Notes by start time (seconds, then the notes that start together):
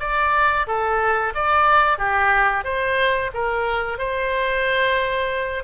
0.00 D5
0.67 A4
1.35 D5
1.98 G4
2.65 C5
3.34 A#4
3.98 C5